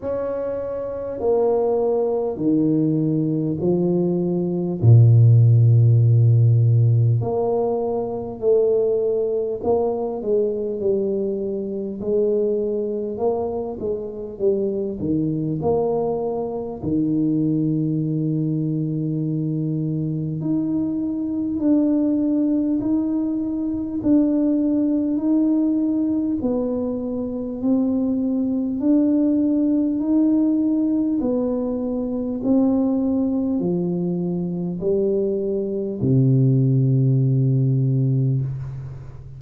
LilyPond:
\new Staff \with { instrumentName = "tuba" } { \time 4/4 \tempo 4 = 50 cis'4 ais4 dis4 f4 | ais,2 ais4 a4 | ais8 gis8 g4 gis4 ais8 gis8 | g8 dis8 ais4 dis2~ |
dis4 dis'4 d'4 dis'4 | d'4 dis'4 b4 c'4 | d'4 dis'4 b4 c'4 | f4 g4 c2 | }